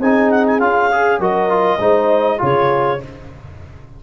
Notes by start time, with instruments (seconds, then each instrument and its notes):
0.00 tuba C4, trombone D#4, horn G#4, clarinet G#5
0.30 clarinet F#5
0.47 clarinet G#5
0.59 tuba C#4, trombone F4, clarinet F5
0.91 trombone G#4
1.19 tuba F#3, trombone F#4, horn A#4, clarinet D#5
1.49 trombone F4
1.79 tuba G#3, trombone D#4, horn C5
2.38 tuba C#3, trombone F4, horn G#4, clarinet C#5